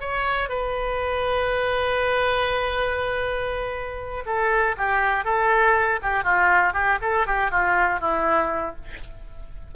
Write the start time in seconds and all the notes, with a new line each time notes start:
0.00 C#5
0.49 B4
4.25 A4
4.77 G4
5.24 A4
6.02 G4
6.23 F4
6.73 G4
7.01 A4
7.26 G4
7.50 F4
8.00 E4